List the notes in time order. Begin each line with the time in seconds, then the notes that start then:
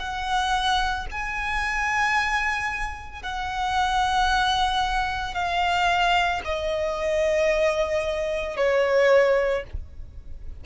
0.00 F#5
1.11 G#5
3.23 F#5
5.34 F5
6.45 D#5
8.57 C#5